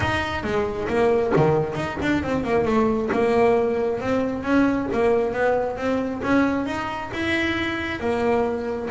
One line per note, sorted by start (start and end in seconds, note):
0.00 0.43 D#4
0.43 0.88 G#3
0.88 1.32 A#3
1.36 1.75 D#3
1.75 1.97 D#4
2.02 2.23 D4
2.23 2.44 C4
2.44 2.65 A#3
2.65 3.09 A3
3.12 4.00 A#3
4.00 4.43 C4
4.43 4.87 C#4
4.92 5.33 A#3
5.33 5.77 B3
5.77 6.21 C4
6.23 6.66 C#4
6.66 7.10 D#4
7.13 8.00 E4
8.00 8.88 A#3